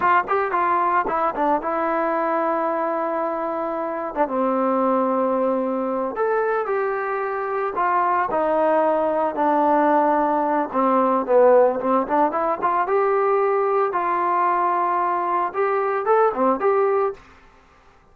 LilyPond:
\new Staff \with { instrumentName = "trombone" } { \time 4/4 \tempo 4 = 112 f'8 g'8 f'4 e'8 d'8 e'4~ | e'2.~ e'8. d'16 | c'2.~ c'8 a'8~ | a'8 g'2 f'4 dis'8~ |
dis'4. d'2~ d'8 | c'4 b4 c'8 d'8 e'8 f'8 | g'2 f'2~ | f'4 g'4 a'8 c'8 g'4 | }